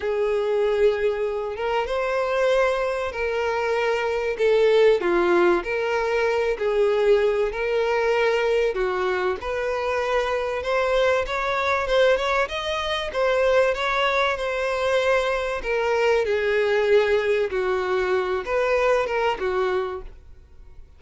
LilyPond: \new Staff \with { instrumentName = "violin" } { \time 4/4 \tempo 4 = 96 gis'2~ gis'8 ais'8 c''4~ | c''4 ais'2 a'4 | f'4 ais'4. gis'4. | ais'2 fis'4 b'4~ |
b'4 c''4 cis''4 c''8 cis''8 | dis''4 c''4 cis''4 c''4~ | c''4 ais'4 gis'2 | fis'4. b'4 ais'8 fis'4 | }